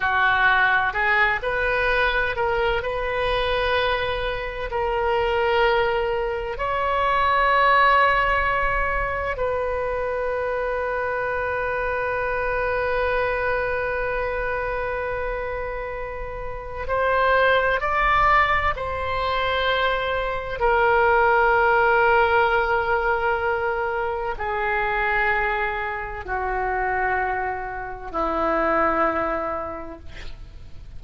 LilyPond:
\new Staff \with { instrumentName = "oboe" } { \time 4/4 \tempo 4 = 64 fis'4 gis'8 b'4 ais'8 b'4~ | b'4 ais'2 cis''4~ | cis''2 b'2~ | b'1~ |
b'2 c''4 d''4 | c''2 ais'2~ | ais'2 gis'2 | fis'2 e'2 | }